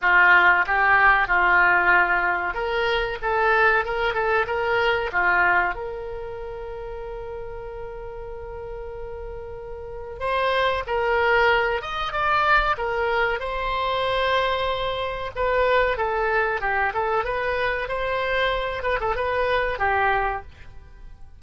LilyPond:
\new Staff \with { instrumentName = "oboe" } { \time 4/4 \tempo 4 = 94 f'4 g'4 f'2 | ais'4 a'4 ais'8 a'8 ais'4 | f'4 ais'2.~ | ais'1 |
c''4 ais'4. dis''8 d''4 | ais'4 c''2. | b'4 a'4 g'8 a'8 b'4 | c''4. b'16 a'16 b'4 g'4 | }